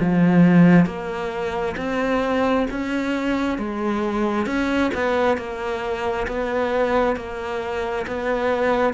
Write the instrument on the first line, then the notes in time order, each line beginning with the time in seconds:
cello
0.00 F3
0.86 A#3
1.77 C4
2.71 C#4
3.58 G#3
4.46 C#4
4.95 B3
5.37 A#3
6.28 B3
7.16 A#3
8.07 B3